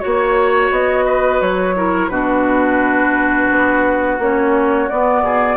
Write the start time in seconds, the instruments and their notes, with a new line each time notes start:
0.00 bassoon A#3, clarinet F#4, flute C#5, oboe C#5
0.71 bassoon B3, flute D#5
1.06 oboe B4
1.41 bassoon F#3, flute C#5
1.76 clarinet E4, oboe A#4
2.09 bassoon B2, clarinet D4, oboe F#4, flute B4
3.51 bassoon B3
4.19 bassoon A#3, clarinet C#4, flute C#5
4.90 clarinet B3, bassoon B3, flute D5
5.22 bassoon B2, oboe G#4